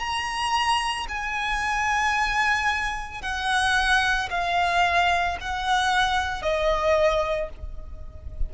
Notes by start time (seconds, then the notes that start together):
0.00 A#5
1.09 G#5
3.22 F#5
4.31 F5
5.41 F#5
6.43 D#5